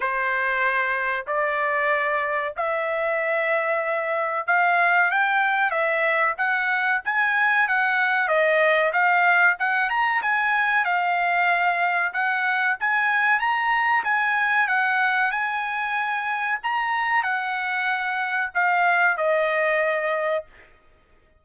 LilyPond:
\new Staff \with { instrumentName = "trumpet" } { \time 4/4 \tempo 4 = 94 c''2 d''2 | e''2. f''4 | g''4 e''4 fis''4 gis''4 | fis''4 dis''4 f''4 fis''8 ais''8 |
gis''4 f''2 fis''4 | gis''4 ais''4 gis''4 fis''4 | gis''2 ais''4 fis''4~ | fis''4 f''4 dis''2 | }